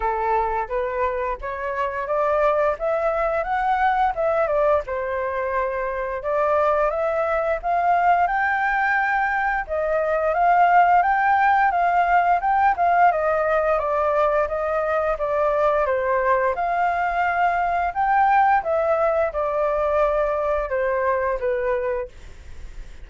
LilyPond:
\new Staff \with { instrumentName = "flute" } { \time 4/4 \tempo 4 = 87 a'4 b'4 cis''4 d''4 | e''4 fis''4 e''8 d''8 c''4~ | c''4 d''4 e''4 f''4 | g''2 dis''4 f''4 |
g''4 f''4 g''8 f''8 dis''4 | d''4 dis''4 d''4 c''4 | f''2 g''4 e''4 | d''2 c''4 b'4 | }